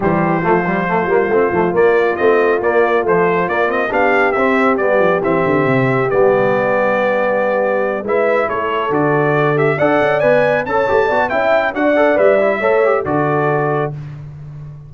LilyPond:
<<
  \new Staff \with { instrumentName = "trumpet" } { \time 4/4 \tempo 4 = 138 c''1 | d''4 dis''4 d''4 c''4 | d''8 dis''8 f''4 e''4 d''4 | e''2 d''2~ |
d''2~ d''8 e''4 cis''8~ | cis''8 d''4. e''8 fis''4 gis''8~ | gis''8 a''4. g''4 fis''4 | e''2 d''2 | }
  \new Staff \with { instrumentName = "horn" } { \time 4/4 g'4 f'2.~ | f'1~ | f'4 g'2.~ | g'1~ |
g'2~ g'8 b'4 a'8~ | a'2~ a'8 d''4.~ | d''8 cis''4 d''8 e''4 d''4~ | d''4 cis''4 a'2 | }
  \new Staff \with { instrumentName = "trombone" } { \time 4/4 g4 a8 g8 a8 ais8 c'8 a8 | ais4 c'4 ais4 f4 | ais8 c'8 d'4 c'4 b4 | c'2 b2~ |
b2~ b8 e'4.~ | e'8 fis'4. g'8 a'4 b'8~ | b'8 a'8 g'8 fis'8 e'4 fis'8 a'8 | b'8 e'8 a'8 g'8 fis'2 | }
  \new Staff \with { instrumentName = "tuba" } { \time 4/4 e4 f4. g8 a8 f8 | ais4 a4 ais4 a4 | ais4 b4 c'4 g8 f8 | e8 d8 c4 g2~ |
g2~ g8 gis4 a8~ | a8 d2 d'8 cis'8 b8~ | b8 cis'8 a8 b8 cis'4 d'4 | g4 a4 d2 | }
>>